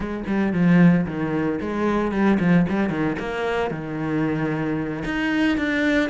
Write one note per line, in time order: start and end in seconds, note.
0.00 0.23 G#3
0.26 0.52 G3
0.52 1.05 F3
1.06 1.59 D#3
1.60 2.11 G#3
2.11 2.38 G3
2.39 2.65 F3
2.69 2.89 G3
2.89 3.16 D#3
3.19 3.70 A#3
3.70 5.03 D#3
5.04 5.57 D#4
5.57 6.09 D4